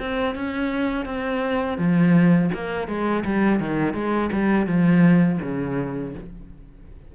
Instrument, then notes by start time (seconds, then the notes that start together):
cello
0.00 C4
0.35 C#4
1.06 C4
1.78 F3
2.54 A#3
2.88 G#3
3.25 G3
3.60 D#3
3.94 G#3
4.33 G3
4.67 F3
5.42 C#3